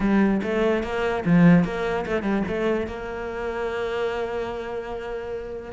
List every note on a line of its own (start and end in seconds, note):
0.00 0.41 G3
0.42 0.83 A3
0.83 1.24 A#3
1.25 1.64 F3
1.64 2.05 A#3
2.05 2.22 A3
2.22 2.43 G3
2.47 2.86 A3
2.86 5.72 A#3